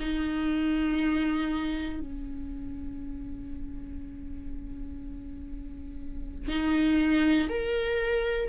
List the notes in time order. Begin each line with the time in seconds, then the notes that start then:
0.00 D#4
2.00 C#4
6.49 D#4
7.49 A#4